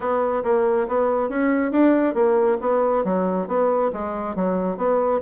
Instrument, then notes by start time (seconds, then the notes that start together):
bassoon
0.00 B3
0.43 A#3
0.87 B3
1.29 C#4
1.71 D4
2.14 A#3
2.61 B3
3.04 F#3
3.47 B3
3.92 G#3
4.35 F#3
4.77 B3